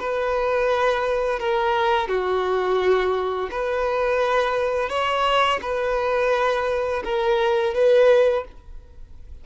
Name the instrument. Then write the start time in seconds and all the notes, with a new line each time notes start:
violin
0.00 B4
1.40 A#4
2.08 F#4
3.51 B4
4.90 C#5
5.62 B4
7.05 A#4
7.74 B4